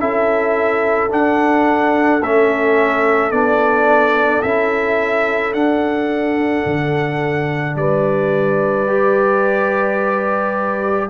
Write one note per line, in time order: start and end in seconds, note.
0.00 1.12 C#4
0.00 1.10 E4
0.00 7.79 A4
0.00 1.12 E5
1.10 2.21 D4
1.10 2.22 D4
1.10 2.23 F#5
2.22 3.31 A3
2.22 3.32 C#4
2.22 3.31 E5
3.31 4.43 B3
3.31 4.43 D4
3.31 4.43 D5
4.43 5.53 C#4
4.43 5.54 E4
4.43 5.54 E5
5.53 6.65 D4
5.53 8.87 D4
5.53 7.76 F#5
6.66 7.76 D3
7.76 11.09 G3
7.76 11.10 B4
7.76 11.10 D5
8.88 11.10 G4